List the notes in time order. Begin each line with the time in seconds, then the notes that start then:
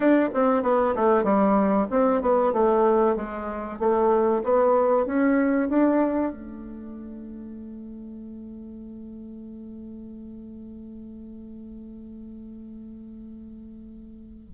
0.00 D4
0.33 C4
0.63 B3
0.95 A3
1.23 G3
1.90 C4
2.21 B3
2.53 A3
3.16 G#3
3.79 A3
4.43 B3
5.06 C#4
5.69 D4
6.32 A3